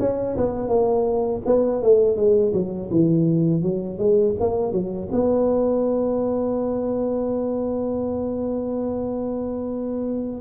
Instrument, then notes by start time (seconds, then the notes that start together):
tuba
0.00 C#4
0.37 B3
0.69 A#3
1.46 B3
1.83 A3
2.17 G#3
2.53 F#3
2.91 E3
3.63 F#3
3.98 G#3
4.40 A#3
4.72 F#3
5.12 B3